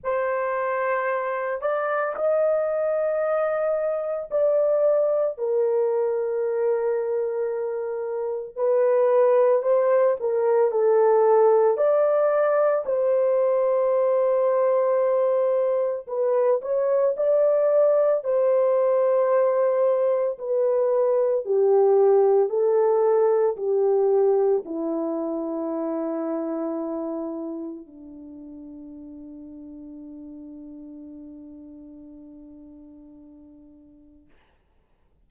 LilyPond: \new Staff \with { instrumentName = "horn" } { \time 4/4 \tempo 4 = 56 c''4. d''8 dis''2 | d''4 ais'2. | b'4 c''8 ais'8 a'4 d''4 | c''2. b'8 cis''8 |
d''4 c''2 b'4 | g'4 a'4 g'4 e'4~ | e'2 d'2~ | d'1 | }